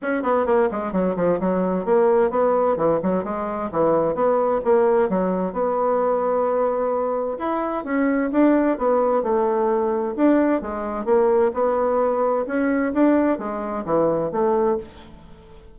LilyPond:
\new Staff \with { instrumentName = "bassoon" } { \time 4/4 \tempo 4 = 130 cis'8 b8 ais8 gis8 fis8 f8 fis4 | ais4 b4 e8 fis8 gis4 | e4 b4 ais4 fis4 | b1 |
e'4 cis'4 d'4 b4 | a2 d'4 gis4 | ais4 b2 cis'4 | d'4 gis4 e4 a4 | }